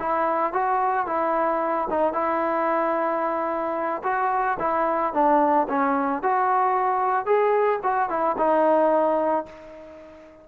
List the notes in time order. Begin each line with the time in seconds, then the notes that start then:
0.00 E4
0.53 F#4
1.07 E4
1.90 D#4
2.13 E4
4.04 F#4
4.59 E4
5.14 D4
5.69 C#4
6.23 F#4
7.26 G#4
7.83 F#4
8.10 E4
8.38 D#4